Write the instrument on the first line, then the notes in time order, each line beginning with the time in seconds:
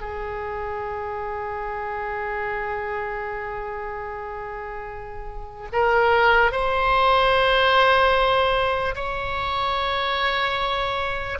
oboe
0.00 G#4
5.72 A#4
6.51 C5
8.95 C#5